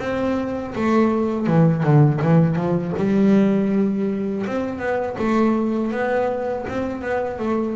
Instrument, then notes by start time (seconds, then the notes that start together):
double bass
0.00 C4
0.75 A3
1.47 E3
1.84 D3
2.22 E3
2.56 F3
2.98 G3
4.46 C4
4.79 B3
5.19 A3
5.92 B3
6.69 C4
7.02 B3
7.39 A3